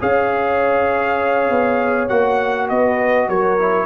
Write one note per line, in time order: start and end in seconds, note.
0.00 1.50 C#4
0.00 2.09 G#4
0.00 2.70 C#5
0.00 2.08 F5
1.50 2.10 B3
2.08 2.70 A#3
2.08 3.59 F#4
2.08 2.69 F#5
2.69 3.28 B3
2.69 3.28 B4
2.69 3.29 D#5
3.28 3.86 F#3
3.28 3.86 A#4
3.28 3.86 C#5
3.59 3.86 E4